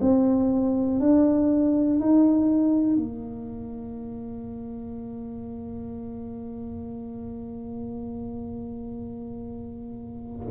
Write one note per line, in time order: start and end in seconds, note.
0.00 1.00 C4
1.00 2.00 D4
2.00 2.96 D#4
2.96 10.46 A#3